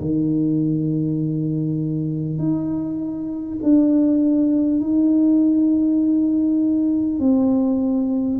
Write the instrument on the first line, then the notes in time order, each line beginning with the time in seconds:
tuba
0.00 D#3
2.38 D#4
3.63 D4
4.80 D#4
7.19 C4